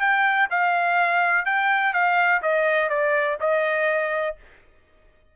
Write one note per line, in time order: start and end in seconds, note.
0.00 0.48 G5
0.50 1.45 F5
1.45 1.93 G5
1.94 2.42 F5
2.42 2.90 D#5
2.90 3.38 D5
3.40 4.36 D#5